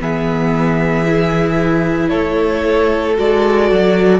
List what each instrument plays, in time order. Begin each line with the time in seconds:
0.00 cello E3, viola B3, violin G#4 E5
1.07 viola E4
2.09 cello A3, violin A4 C#5
3.16 cello G#3, viola F#4, violin D5
3.72 cello F#3